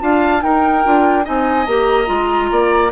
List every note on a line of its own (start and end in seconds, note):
0.00 0.43 D4
0.00 0.40 F4
0.00 0.43 F5
0.00 0.42 A5
0.40 0.82 D#4
0.40 0.84 D#4
0.40 1.24 A#4
0.40 1.25 G5
0.85 1.27 D4
0.85 1.23 F4
1.23 1.66 C4
1.23 1.65 D#4
1.23 2.49 D#5
1.23 1.66 G#5
1.66 2.08 A#3
1.66 2.06 G4
1.66 2.91 A#5
2.06 2.50 G#3
2.06 2.89 F4
2.51 2.91 A#3
2.51 2.91 D5